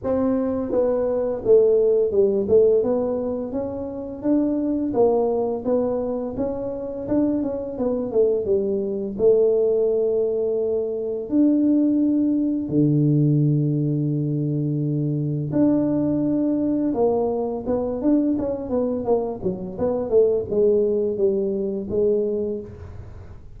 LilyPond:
\new Staff \with { instrumentName = "tuba" } { \time 4/4 \tempo 4 = 85 c'4 b4 a4 g8 a8 | b4 cis'4 d'4 ais4 | b4 cis'4 d'8 cis'8 b8 a8 | g4 a2. |
d'2 d2~ | d2 d'2 | ais4 b8 d'8 cis'8 b8 ais8 fis8 | b8 a8 gis4 g4 gis4 | }